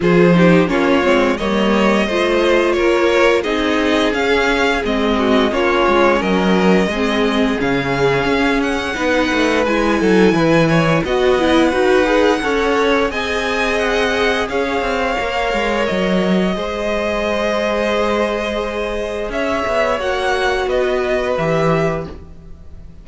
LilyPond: <<
  \new Staff \with { instrumentName = "violin" } { \time 4/4 \tempo 4 = 87 c''4 cis''4 dis''2 | cis''4 dis''4 f''4 dis''4 | cis''4 dis''2 f''4~ | f''8 fis''4. gis''2 |
fis''2. gis''4 | fis''4 f''2 dis''4~ | dis''1 | e''4 fis''4 dis''4 e''4 | }
  \new Staff \with { instrumentName = "violin" } { \time 4/4 gis'8 g'8 f'4 cis''4 c''4 | ais'4 gis'2~ gis'8 fis'8 | f'4 ais'4 gis'2~ | gis'4 b'4. a'8 b'8 cis''8 |
dis''4 b'4 cis''4 dis''4~ | dis''4 cis''2. | c''1 | cis''2 b'2 | }
  \new Staff \with { instrumentName = "viola" } { \time 4/4 f'8 dis'8 cis'8 c'8 ais4 f'4~ | f'4 dis'4 cis'4 c'4 | cis'2 c'4 cis'4~ | cis'4 dis'4 e'2 |
fis'8 e'8 fis'8 gis'8 a'4 gis'4~ | gis'2 ais'2 | gis'1~ | gis'4 fis'2 g'4 | }
  \new Staff \with { instrumentName = "cello" } { \time 4/4 f4 ais8 gis8 g4 a4 | ais4 c'4 cis'4 gis4 | ais8 gis8 fis4 gis4 cis4 | cis'4 b8 a8 gis8 fis8 e4 |
b4 dis'4 cis'4 c'4~ | c'4 cis'8 c'8 ais8 gis8 fis4 | gis1 | cis'8 b8 ais4 b4 e4 | }
>>